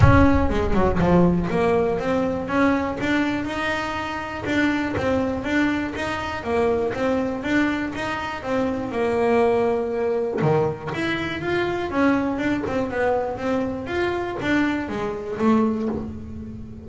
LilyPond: \new Staff \with { instrumentName = "double bass" } { \time 4/4 \tempo 4 = 121 cis'4 gis8 fis8 f4 ais4 | c'4 cis'4 d'4 dis'4~ | dis'4 d'4 c'4 d'4 | dis'4 ais4 c'4 d'4 |
dis'4 c'4 ais2~ | ais4 dis4 e'4 f'4 | cis'4 d'8 c'8 b4 c'4 | f'4 d'4 gis4 a4 | }